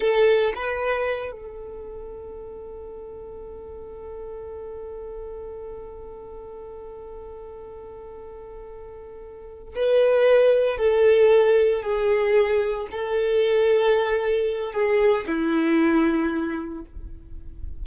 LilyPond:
\new Staff \with { instrumentName = "violin" } { \time 4/4 \tempo 4 = 114 a'4 b'4. a'4.~ | a'1~ | a'1~ | a'1~ |
a'2~ a'8 b'4.~ | b'8 a'2 gis'4.~ | gis'8 a'2.~ a'8 | gis'4 e'2. | }